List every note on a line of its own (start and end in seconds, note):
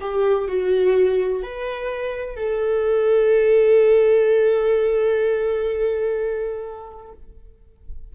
0.00 0.48 G4
0.48 1.43 F#4
1.43 2.36 B4
2.36 7.12 A4